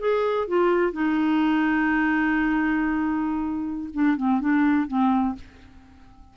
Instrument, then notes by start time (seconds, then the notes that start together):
clarinet
0.00 G#4
0.48 F4
0.92 D#4
3.94 D4
4.17 C4
4.40 D4
4.88 C4